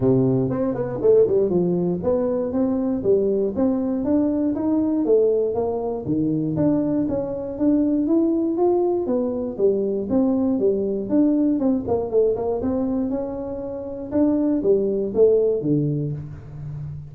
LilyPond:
\new Staff \with { instrumentName = "tuba" } { \time 4/4 \tempo 4 = 119 c4 c'8 b8 a8 g8 f4 | b4 c'4 g4 c'4 | d'4 dis'4 a4 ais4 | dis4 d'4 cis'4 d'4 |
e'4 f'4 b4 g4 | c'4 g4 d'4 c'8 ais8 | a8 ais8 c'4 cis'2 | d'4 g4 a4 d4 | }